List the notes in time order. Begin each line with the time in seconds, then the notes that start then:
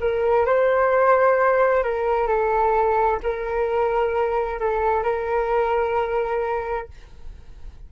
0.00 A#4
0.45 C5
1.83 A#4
2.27 A4
3.23 A#4
4.60 A4
5.03 A#4